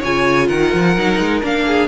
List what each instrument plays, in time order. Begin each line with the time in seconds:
0.00 cello C#3, viola F4, violin C#5 G#5
0.47 cello D#3, violin A#4 F#5
0.74 cello F3
0.96 cello F#3, viola D#4
1.19 cello G#3
1.42 cello A#3, viola D4, violin F5
1.67 violin G#4